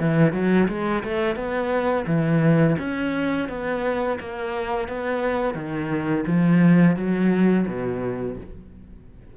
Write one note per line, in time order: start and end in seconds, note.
0.00 0.33 E3
0.33 0.68 F#3
0.69 1.04 G#3
1.04 1.36 A3
1.36 2.06 B3
2.07 2.77 E3
2.79 3.49 C#4
3.49 4.19 B3
4.20 4.88 A#3
4.88 5.55 B3
5.55 6.25 D#3
6.27 6.97 F3
6.97 7.66 F#3
7.67 8.37 B2